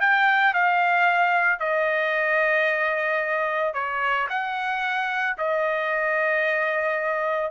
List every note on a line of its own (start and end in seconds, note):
0.00 0.54 G5
0.54 1.59 F5
1.59 3.73 D#5
3.73 4.27 C#5
4.29 5.36 F#5
5.38 7.51 D#5